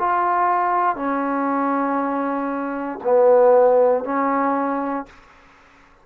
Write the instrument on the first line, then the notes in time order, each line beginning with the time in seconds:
trombone
0.00 F4
0.96 C#4
3.04 B3
4.05 C#4